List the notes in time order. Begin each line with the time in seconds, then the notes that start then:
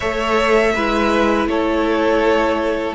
0.00 A3 A4 C#5 E5
0.74 G#3 E4 B4
1.46 A3 A4 C#5